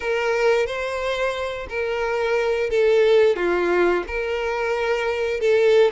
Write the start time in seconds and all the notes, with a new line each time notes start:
0.00 A#4
0.66 C5
1.69 A#4
2.70 A4
3.36 F4
4.07 A#4
5.40 A4